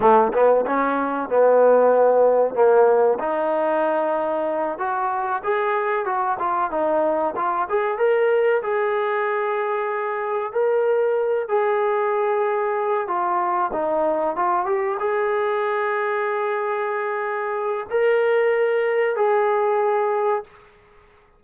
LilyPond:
\new Staff \with { instrumentName = "trombone" } { \time 4/4 \tempo 4 = 94 a8 b8 cis'4 b2 | ais4 dis'2~ dis'8 fis'8~ | fis'8 gis'4 fis'8 f'8 dis'4 f'8 | gis'8 ais'4 gis'2~ gis'8~ |
gis'8 ais'4. gis'2~ | gis'8 f'4 dis'4 f'8 g'8 gis'8~ | gis'1 | ais'2 gis'2 | }